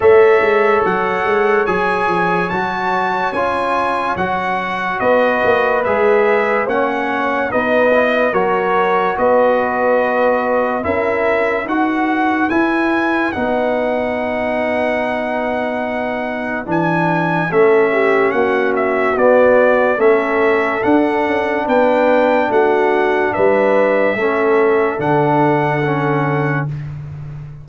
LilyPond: <<
  \new Staff \with { instrumentName = "trumpet" } { \time 4/4 \tempo 4 = 72 e''4 fis''4 gis''4 a''4 | gis''4 fis''4 dis''4 e''4 | fis''4 dis''4 cis''4 dis''4~ | dis''4 e''4 fis''4 gis''4 |
fis''1 | gis''4 e''4 fis''8 e''8 d''4 | e''4 fis''4 g''4 fis''4 | e''2 fis''2 | }
  \new Staff \with { instrumentName = "horn" } { \time 4/4 cis''1~ | cis''2 b'2 | cis''4 b'4 ais'4 b'4~ | b'4 ais'4 b'2~ |
b'1~ | b'4 a'8 g'8 fis'2 | a'2 b'4 fis'4 | b'4 a'2. | }
  \new Staff \with { instrumentName = "trombone" } { \time 4/4 a'2 gis'4 fis'4 | f'4 fis'2 gis'4 | cis'4 dis'8 e'8 fis'2~ | fis'4 e'4 fis'4 e'4 |
dis'1 | d'4 cis'2 b4 | cis'4 d'2.~ | d'4 cis'4 d'4 cis'4 | }
  \new Staff \with { instrumentName = "tuba" } { \time 4/4 a8 gis8 fis8 gis8 fis8 f8 fis4 | cis'4 fis4 b8 ais8 gis4 | ais4 b4 fis4 b4~ | b4 cis'4 dis'4 e'4 |
b1 | e4 a4 ais4 b4 | a4 d'8 cis'8 b4 a4 | g4 a4 d2 | }
>>